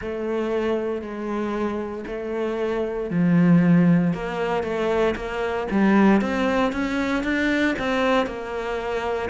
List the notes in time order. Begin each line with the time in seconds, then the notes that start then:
0.00 A3
1.01 G#3
2.06 A3
3.10 F3
4.13 A#3
4.63 A3
5.15 A#3
5.70 G3
6.21 C4
6.72 C#4
7.23 D4
7.78 C4
8.26 A#3